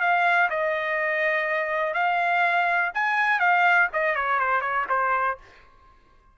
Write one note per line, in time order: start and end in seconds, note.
0.00 0.49 F5
0.49 1.94 D#5
1.94 2.91 F5
2.94 3.39 G#5
3.39 3.88 F5
3.93 4.15 D#5
4.15 4.39 C#5
4.39 4.61 C5
4.61 4.85 C#5
4.89 5.37 C5